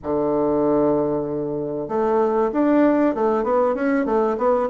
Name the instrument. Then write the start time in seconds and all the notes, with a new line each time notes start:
bassoon
0.03 D3
1.88 A3
2.52 D4
3.14 A3
3.43 B3
3.74 C#4
4.05 A3
4.37 B3